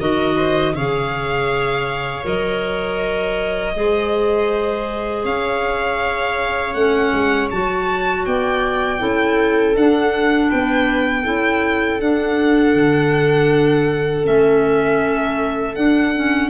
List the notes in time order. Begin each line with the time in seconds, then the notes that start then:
0.00 D#3 F#4 A#4 D#5
0.37 C5
0.75 C#3 G#4 C#5 F5
2.24 F#3 A#4 D#5
3.75 G#3 G#4 C5
5.25 C#4 C#5 F5
6.74 A3 C#4 F#5
7.13 G#3
7.51 F#3 F#4 A5
8.26 B3 D5 G5
8.99 C#4 E4 A4
9.76 D4 F#5
10.49 B3 B4 G5
11.23 C#4 E4 A4
12.01 D4 F#5
12.75 D3
14.24 A3 C#4 E5
15.76 D4 F#5
16.15 C#4